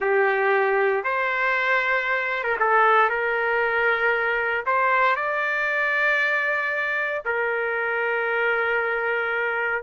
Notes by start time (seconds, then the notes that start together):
0.00 G4
1.04 C5
2.43 A#4
2.59 A4
3.09 A#4
4.66 C5
5.16 D5
7.25 A#4